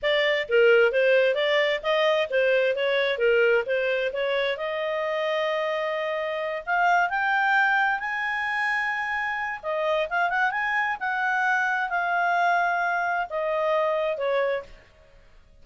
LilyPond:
\new Staff \with { instrumentName = "clarinet" } { \time 4/4 \tempo 4 = 131 d''4 ais'4 c''4 d''4 | dis''4 c''4 cis''4 ais'4 | c''4 cis''4 dis''2~ | dis''2~ dis''8 f''4 g''8~ |
g''4. gis''2~ gis''8~ | gis''4 dis''4 f''8 fis''8 gis''4 | fis''2 f''2~ | f''4 dis''2 cis''4 | }